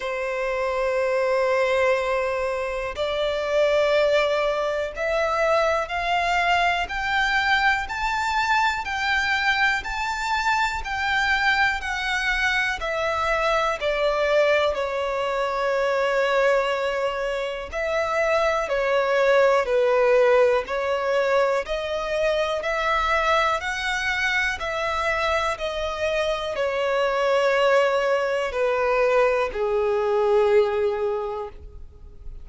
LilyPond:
\new Staff \with { instrumentName = "violin" } { \time 4/4 \tempo 4 = 61 c''2. d''4~ | d''4 e''4 f''4 g''4 | a''4 g''4 a''4 g''4 | fis''4 e''4 d''4 cis''4~ |
cis''2 e''4 cis''4 | b'4 cis''4 dis''4 e''4 | fis''4 e''4 dis''4 cis''4~ | cis''4 b'4 gis'2 | }